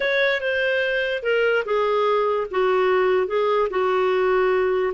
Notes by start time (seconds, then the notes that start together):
0.00 C#5
0.41 C5
1.22 A#4
1.65 G#4
2.50 F#4
3.27 G#4
3.69 F#4